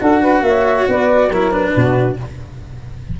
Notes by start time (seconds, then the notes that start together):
0.00 D4 F#4 A4 F#5
0.21 B4
0.42 A#3 C#5 E5
0.88 B3 B4 D5
1.29 F#3 E4 A#4 C#5
1.52 D4 B4
1.76 B2 F#4